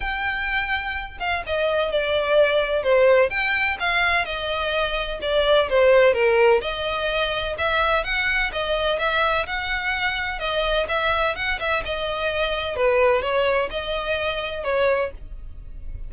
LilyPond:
\new Staff \with { instrumentName = "violin" } { \time 4/4 \tempo 4 = 127 g''2~ g''8 f''8 dis''4 | d''2 c''4 g''4 | f''4 dis''2 d''4 | c''4 ais'4 dis''2 |
e''4 fis''4 dis''4 e''4 | fis''2 dis''4 e''4 | fis''8 e''8 dis''2 b'4 | cis''4 dis''2 cis''4 | }